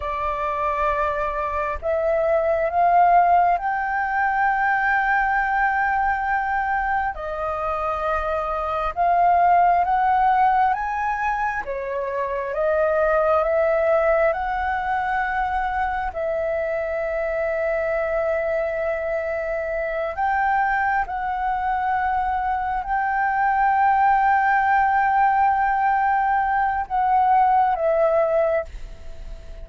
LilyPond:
\new Staff \with { instrumentName = "flute" } { \time 4/4 \tempo 4 = 67 d''2 e''4 f''4 | g''1 | dis''2 f''4 fis''4 | gis''4 cis''4 dis''4 e''4 |
fis''2 e''2~ | e''2~ e''8 g''4 fis''8~ | fis''4. g''2~ g''8~ | g''2 fis''4 e''4 | }